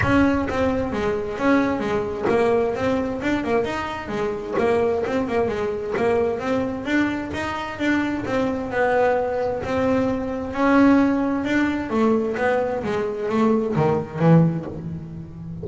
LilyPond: \new Staff \with { instrumentName = "double bass" } { \time 4/4 \tempo 4 = 131 cis'4 c'4 gis4 cis'4 | gis4 ais4 c'4 d'8 ais8 | dis'4 gis4 ais4 c'8 ais8 | gis4 ais4 c'4 d'4 |
dis'4 d'4 c'4 b4~ | b4 c'2 cis'4~ | cis'4 d'4 a4 b4 | gis4 a4 dis4 e4 | }